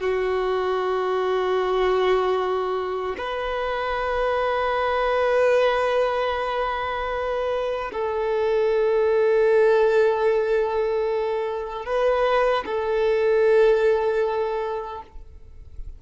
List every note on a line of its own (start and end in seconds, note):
0.00 3.16 F#4
3.18 7.92 B4
7.92 11.86 A4
11.86 12.65 B4
12.65 15.02 A4